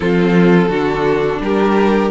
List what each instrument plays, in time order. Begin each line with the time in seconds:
0.00 cello F3, viola C4, violin F4 A4
0.69 cello D3, viola D4, violin F#4
1.40 cello G3, violin G4 A#4